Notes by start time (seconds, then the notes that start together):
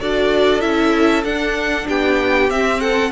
0.00 D4 F#4 A4 D5
0.61 C#4 E4 E5
1.24 D4 F#5
1.87 B3 G4 G5
2.50 C4 E5
2.80 A4 F#5